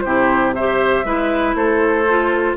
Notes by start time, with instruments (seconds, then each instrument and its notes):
0.00 bassoon C3, clarinet E4, oboe G4, flute C5
0.53 clarinet G4, oboe C5, flute E5
1.04 bassoon G#3, clarinet E4, oboe B4
1.55 bassoon A3, oboe A4, flute C5
2.09 clarinet F4